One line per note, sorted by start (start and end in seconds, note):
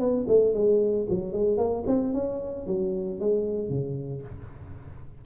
0.00 0.27 B3
0.28 0.54 A3
0.54 1.07 G#3
1.10 1.33 F#3
1.33 1.58 G#3
1.58 1.84 A#3
1.87 2.14 C4
2.14 2.67 C#4
2.67 3.20 F#3
3.20 3.70 G#3
3.70 4.23 C#3